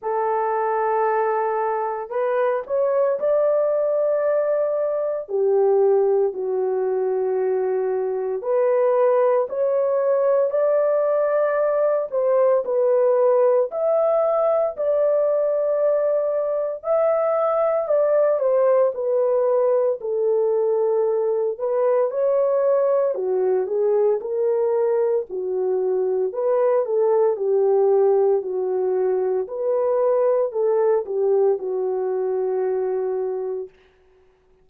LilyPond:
\new Staff \with { instrumentName = "horn" } { \time 4/4 \tempo 4 = 57 a'2 b'8 cis''8 d''4~ | d''4 g'4 fis'2 | b'4 cis''4 d''4. c''8 | b'4 e''4 d''2 |
e''4 d''8 c''8 b'4 a'4~ | a'8 b'8 cis''4 fis'8 gis'8 ais'4 | fis'4 b'8 a'8 g'4 fis'4 | b'4 a'8 g'8 fis'2 | }